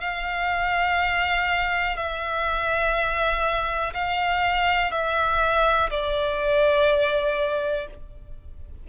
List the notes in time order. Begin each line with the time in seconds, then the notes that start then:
0.00 F5
1.97 E5
3.94 F5
4.91 E5
5.90 D5